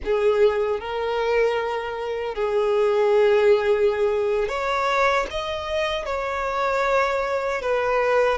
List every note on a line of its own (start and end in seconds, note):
0.04 0.80 G#4
0.80 2.34 A#4
2.34 4.48 G#4
4.48 5.26 C#5
5.30 6.05 D#5
6.05 7.61 C#5
7.61 8.38 B4